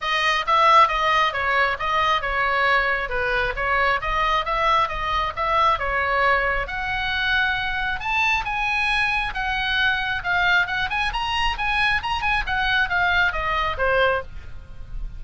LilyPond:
\new Staff \with { instrumentName = "oboe" } { \time 4/4 \tempo 4 = 135 dis''4 e''4 dis''4 cis''4 | dis''4 cis''2 b'4 | cis''4 dis''4 e''4 dis''4 | e''4 cis''2 fis''4~ |
fis''2 a''4 gis''4~ | gis''4 fis''2 f''4 | fis''8 gis''8 ais''4 gis''4 ais''8 gis''8 | fis''4 f''4 dis''4 c''4 | }